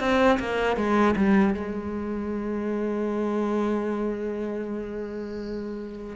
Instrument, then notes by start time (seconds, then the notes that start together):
cello
0.00 C4
0.39 A#3
0.76 G#3
1.16 G3
1.54 G#3